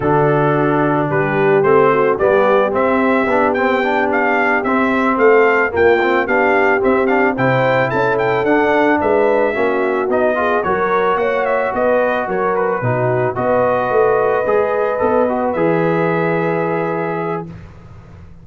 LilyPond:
<<
  \new Staff \with { instrumentName = "trumpet" } { \time 4/4 \tempo 4 = 110 a'2 b'4 c''4 | d''4 e''4. g''4 f''8~ | f''8 e''4 f''4 g''4 f''8~ | f''8 e''8 f''8 g''4 a''8 g''8 fis''8~ |
fis''8 e''2 dis''4 cis''8~ | cis''8 fis''8 e''8 dis''4 cis''8 b'4~ | b'8 dis''2.~ dis''8~ | dis''8 e''2.~ e''8 | }
  \new Staff \with { instrumentName = "horn" } { \time 4/4 fis'2 g'4. fis'8 | g'1~ | g'4. a'4 f'4 g'8~ | g'4. c''4 a'4.~ |
a'8 b'4 fis'4. gis'8 ais'8~ | ais'8 cis''4 b'4 ais'4 fis'8~ | fis'8 b'2.~ b'8~ | b'1 | }
  \new Staff \with { instrumentName = "trombone" } { \time 4/4 d'2. c'4 | b4 c'4 d'8 c'8 d'4~ | d'8 c'2 ais8 c'8 d'8~ | d'8 c'8 d'8 e'2 d'8~ |
d'4. cis'4 dis'8 f'8 fis'8~ | fis'2.~ fis'8 dis'8~ | dis'8 fis'2 gis'4 a'8 | fis'8 gis'2.~ gis'8 | }
  \new Staff \with { instrumentName = "tuba" } { \time 4/4 d2 g4 a4 | g4 c'4 b2~ | b8 c'4 a4 ais4 b8~ | b8 c'4 c4 cis'4 d'8~ |
d'8 gis4 ais4 b4 fis8~ | fis8 ais4 b4 fis4 b,8~ | b,8 b4 a4 gis4 b8~ | b8 e2.~ e8 | }
>>